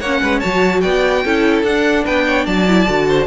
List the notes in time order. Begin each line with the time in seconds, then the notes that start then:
0.00 A#3 C#4 C#5 F#5
0.21 G#3 B4
0.39 F#3 F#4 C#5 A5
0.81 B3 D5 G5
1.24 C#4 E4 A4
1.63 D4 F#5
2.04 B3 B4 G5
2.26 C#5
2.45 F#3 D5 A5
2.67 E4
2.86 D3 F#4
3.08 C5